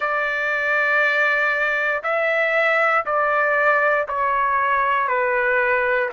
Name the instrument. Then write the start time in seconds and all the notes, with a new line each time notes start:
trumpet
0.00 D5
2.03 E5
3.05 D5
4.07 C#5
5.08 B4